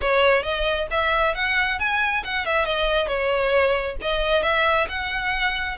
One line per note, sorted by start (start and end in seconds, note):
0.01 0.42 C#5
0.42 0.87 D#5
0.90 1.35 E5
1.35 1.79 F#5
1.79 2.23 G#5
2.24 2.45 F#5
2.45 2.65 E5
2.65 3.07 D#5
3.07 3.96 C#5
4.01 4.42 D#5
4.42 4.87 E5
4.88 5.77 F#5